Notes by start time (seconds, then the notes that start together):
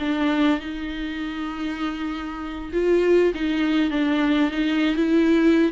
0.00 D4
0.60 D#4
2.73 F4
3.34 D#4
3.91 D4
4.51 D#4
4.96 E4